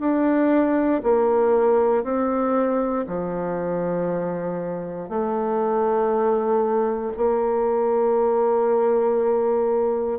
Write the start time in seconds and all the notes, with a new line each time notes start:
0.00 D4
1.03 A#3
2.03 C4
3.07 F3
5.09 A3
7.17 A#3